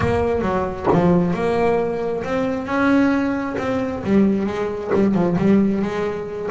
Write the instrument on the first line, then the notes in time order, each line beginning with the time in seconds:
double bass
0.00 A#3
0.41 F#3
0.92 F3
1.33 A#3
2.24 C4
2.66 C#4
3.58 C4
4.03 G3
4.46 G#3
4.94 G3
5.14 F3
5.38 G3
5.82 G#3